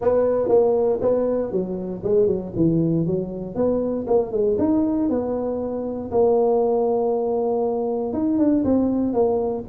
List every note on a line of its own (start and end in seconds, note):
0.01 0.48 B3
0.48 0.99 A#3
1.01 1.51 B3
1.51 2.02 F#3
2.03 2.26 G#3
2.26 2.52 F#3
2.56 3.06 E3
3.06 3.55 F#3
3.55 4.06 B3
4.07 4.31 A#3
4.31 4.56 G#3
4.58 5.09 D#4
5.09 6.10 B3
6.11 8.13 A#3
8.13 8.38 D#4
8.38 8.63 D4
8.64 9.13 C4
9.13 9.64 A#3